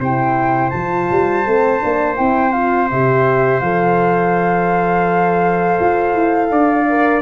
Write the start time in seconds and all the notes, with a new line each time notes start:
0.00 C3 E4 C5 G5
0.70 F3 A5
0.76 F4
1.11 G3
1.46 A3 C4
1.80 A#3 D4
2.16 C4 E4 G5
2.52 F4 F5
2.91 C3 G4 E5
3.60 F3 A4 F5
5.80 F4
6.14 E4
6.51 D4 D5
6.89 A#4